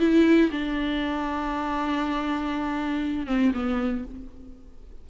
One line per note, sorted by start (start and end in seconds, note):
0.00 0.51 E4
0.52 3.27 D4
3.27 3.52 C4
3.54 4.05 B3